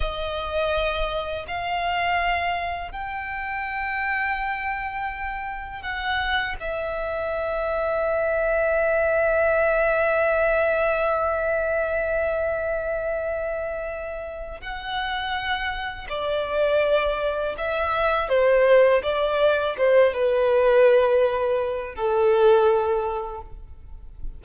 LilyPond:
\new Staff \with { instrumentName = "violin" } { \time 4/4 \tempo 4 = 82 dis''2 f''2 | g''1 | fis''4 e''2.~ | e''1~ |
e''1 | fis''2 d''2 | e''4 c''4 d''4 c''8 b'8~ | b'2 a'2 | }